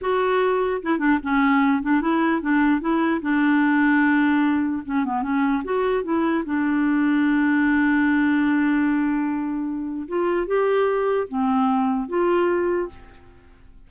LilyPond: \new Staff \with { instrumentName = "clarinet" } { \time 4/4 \tempo 4 = 149 fis'2 e'8 d'8 cis'4~ | cis'8 d'8 e'4 d'4 e'4 | d'1 | cis'8 b8 cis'4 fis'4 e'4 |
d'1~ | d'1~ | d'4 f'4 g'2 | c'2 f'2 | }